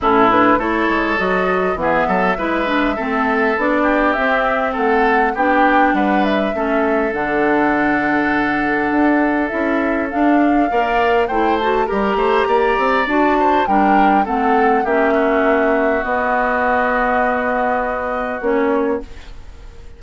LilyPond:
<<
  \new Staff \with { instrumentName = "flute" } { \time 4/4 \tempo 4 = 101 a'8 b'8 cis''4 dis''4 e''4~ | e''2 d''4 e''4 | fis''4 g''4 fis''8 e''4. | fis''1 |
e''4 f''2 g''8 a''8 | ais''2 a''4 g''4 | fis''4 e''2 dis''4~ | dis''2. cis''4 | }
  \new Staff \with { instrumentName = "oboe" } { \time 4/4 e'4 a'2 gis'8 a'8 | b'4 a'4. g'4. | a'4 g'4 b'4 a'4~ | a'1~ |
a'2 d''4 c''4 | ais'8 c''8 d''4. c''8 ais'4 | a'4 g'8 fis'2~ fis'8~ | fis'1 | }
  \new Staff \with { instrumentName = "clarinet" } { \time 4/4 cis'8 d'8 e'4 fis'4 b4 | e'8 d'8 c'4 d'4 c'4~ | c'4 d'2 cis'4 | d'1 |
e'4 d'4 ais'4 e'8 fis'8 | g'2 fis'4 d'4 | c'4 cis'2 b4~ | b2. cis'4 | }
  \new Staff \with { instrumentName = "bassoon" } { \time 4/4 a,4 a8 gis8 fis4 e8 fis8 | gis4 a4 b4 c'4 | a4 b4 g4 a4 | d2. d'4 |
cis'4 d'4 ais4 a4 | g8 a8 ais8 c'8 d'4 g4 | a4 ais2 b4~ | b2. ais4 | }
>>